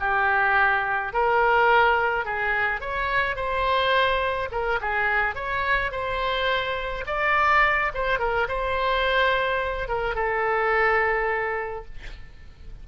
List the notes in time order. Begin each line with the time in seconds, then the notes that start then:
0.00 G4
1.13 A#4
2.26 G#4
2.81 C#5
3.36 C5
4.52 A#4
4.81 G#4
5.36 C#5
5.92 C5
7.07 D5
7.95 C5
8.19 A#4
8.49 C5
9.89 A#4
10.16 A4